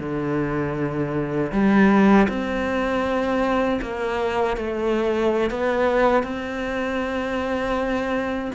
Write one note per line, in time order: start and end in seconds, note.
0.00 1.52 D3
1.52 2.28 G3
2.29 3.80 C4
3.82 4.57 A#3
4.57 5.51 A3
5.51 6.23 B3
6.23 8.51 C4